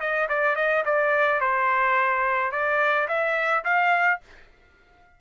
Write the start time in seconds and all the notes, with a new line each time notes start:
0.00 D#5
0.28 D5
0.55 D#5
0.85 D5
1.40 C5
2.51 D5
3.08 E5
3.64 F5